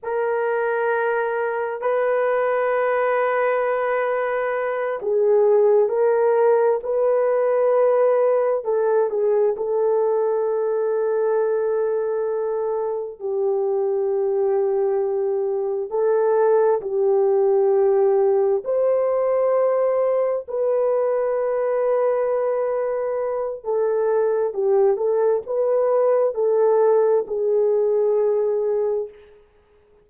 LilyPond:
\new Staff \with { instrumentName = "horn" } { \time 4/4 \tempo 4 = 66 ais'2 b'2~ | b'4. gis'4 ais'4 b'8~ | b'4. a'8 gis'8 a'4.~ | a'2~ a'8 g'4.~ |
g'4. a'4 g'4.~ | g'8 c''2 b'4.~ | b'2 a'4 g'8 a'8 | b'4 a'4 gis'2 | }